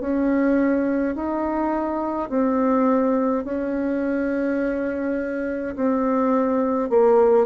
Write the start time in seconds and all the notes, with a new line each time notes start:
0.00 C#4
1.15 D#4
2.29 C4
3.44 C#4
5.75 C4
6.89 A#3